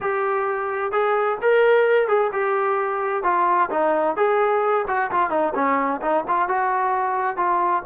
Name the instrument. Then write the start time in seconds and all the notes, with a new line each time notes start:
trombone
0.00 G4
0.91 G#4
1.41 A#4
2.08 G#4
2.32 G4
3.23 F4
3.70 D#4
4.16 G#4
4.87 F#4
5.11 F4
5.30 D#4
5.54 C#4
6.01 D#4
6.28 F4
6.48 F#4
7.36 F4